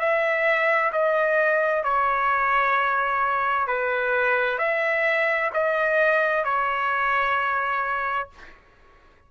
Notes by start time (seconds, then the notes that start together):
0.00 E5
0.93 D#5
1.84 C#5
3.68 B4
4.59 E5
5.54 D#5
6.45 C#5